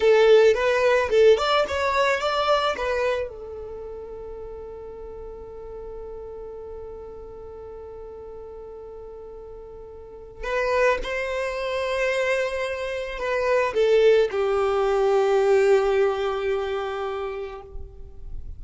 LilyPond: \new Staff \with { instrumentName = "violin" } { \time 4/4 \tempo 4 = 109 a'4 b'4 a'8 d''8 cis''4 | d''4 b'4 a'2~ | a'1~ | a'1~ |
a'2. b'4 | c''1 | b'4 a'4 g'2~ | g'1 | }